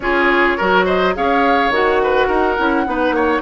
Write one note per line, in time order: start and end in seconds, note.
0.00 0.56 C#4
0.00 0.59 F4
0.00 0.57 G#4
0.00 0.84 C#5
0.57 1.16 F#3
0.57 1.14 F#4
0.57 0.85 A#4
0.85 1.13 C5
0.85 1.14 D#5
1.14 1.69 C#4
1.14 1.71 G#4
1.14 2.02 C#5
1.14 1.72 F5
1.69 2.26 D#3
1.69 2.57 F#4
1.75 3.41 F#5
2.02 2.27 B4
2.27 2.56 D#4
2.27 2.84 A#4
2.57 2.86 C#4
2.57 2.85 E4
2.85 3.10 B3
2.85 3.41 D#4
2.85 3.15 B4
3.10 3.39 A#3
3.10 3.41 C#5